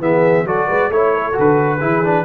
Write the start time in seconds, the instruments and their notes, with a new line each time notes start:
0.00 tuba E3, trombone B3, horn G#4, trumpet E5
0.44 tuba F#3, trombone F#4, horn A4, trumpet D5
0.68 tuba G#3, horn B4
0.89 tuba A3, trombone E4, trumpet C#5, horn C#5
1.15 horn A4
1.33 tuba D3, trombone F#4
1.40 trumpet B4
1.80 tuba E3, trombone E4, horn G#4
2.04 trombone D4